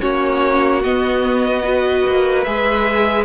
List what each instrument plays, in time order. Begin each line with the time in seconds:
0.00 cello A#3, viola C#4, violin F#4 C#5
0.83 cello B3, viola B3, violin D#5
1.63 viola F#4, violin B4
2.06 cello A#3
2.43 cello G#3, viola G#4, violin E5